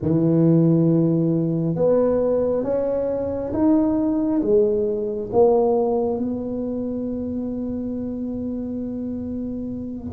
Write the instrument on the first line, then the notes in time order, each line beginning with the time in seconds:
tuba
0.02 E3
1.75 B3
2.63 C#4
3.53 D#4
4.42 G#3
5.32 A#3
6.18 B3